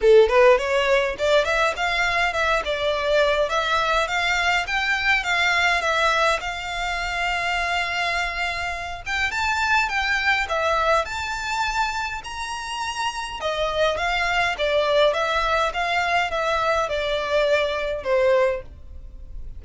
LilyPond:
\new Staff \with { instrumentName = "violin" } { \time 4/4 \tempo 4 = 103 a'8 b'8 cis''4 d''8 e''8 f''4 | e''8 d''4. e''4 f''4 | g''4 f''4 e''4 f''4~ | f''2.~ f''8 g''8 |
a''4 g''4 e''4 a''4~ | a''4 ais''2 dis''4 | f''4 d''4 e''4 f''4 | e''4 d''2 c''4 | }